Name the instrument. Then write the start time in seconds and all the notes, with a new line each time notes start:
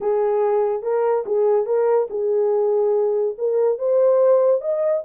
horn
0.01 G#4
0.82 A#4
1.25 G#4
1.66 A#4
2.10 G#4
3.38 A#4
3.78 C5
4.61 D#5